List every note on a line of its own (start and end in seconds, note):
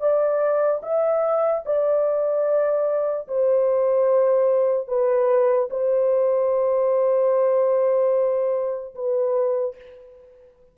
0.00 0.81 D5
0.83 1.64 E5
1.65 3.27 D5
3.28 4.88 C5
4.88 5.69 B4
5.70 8.94 C5
8.95 9.76 B4